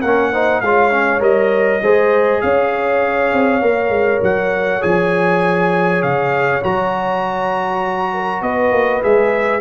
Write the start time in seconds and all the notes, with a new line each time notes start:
0.00 A#3 C#4 A#4 F#5
0.32 D#4 C5
0.61 G#3 F4 C#5 F5
0.91 C#4
1.20 G3 A#4 D#5
1.82 G#3 G#4 C5
2.41 C#4 C#5 F5
3.33 C4
3.61 A#3 A#4
3.89 G#3
4.22 F#3 F#5
4.81 F3 G#4 G#5
6.02 C#3 F5
6.63 F#3 F#4 A#5
8.13 A#4
8.42 B3 B4 D#5
8.71 A#3
9.02 G#3 G#4 E5